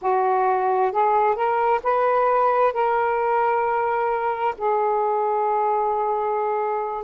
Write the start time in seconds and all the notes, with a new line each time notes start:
0.01 F#4
0.91 G#4
1.35 A#4
1.83 B4
2.73 A#4
4.57 G#4